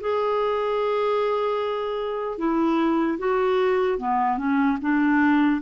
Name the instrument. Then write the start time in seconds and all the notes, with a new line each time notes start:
clarinet
0.00 G#4
2.38 E4
3.18 F#4
3.98 B3
4.37 C#4
4.81 D4